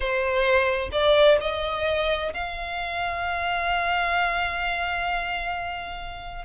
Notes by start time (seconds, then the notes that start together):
0.00 C5
0.91 D5
1.40 D#5
2.33 F5